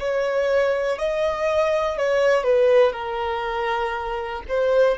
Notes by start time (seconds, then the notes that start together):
0.00 C#5
0.99 D#5
1.98 C#5
2.44 B4
2.93 A#4
4.49 C5